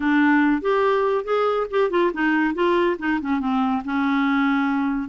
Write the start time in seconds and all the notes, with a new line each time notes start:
0.00 D4
0.61 G4
1.24 G#4
1.70 G4
1.90 F4
2.13 D#4
2.54 F4
2.98 D#4
3.21 C#4
3.39 C4
3.85 C#4